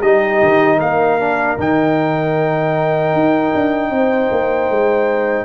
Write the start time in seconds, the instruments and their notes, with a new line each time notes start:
0.00 tuba G3, trombone D#4, horn G4, trumpet D#5
0.42 tuba D#3
0.78 tuba A#3, horn A#4, trumpet F5
1.20 trombone D4
1.58 tuba D#3, trombone D#4, trumpet G5
3.14 tuba D#4
3.55 tuba D4
3.90 tuba C4, horn C5
4.31 tuba A#3
4.69 tuba G#3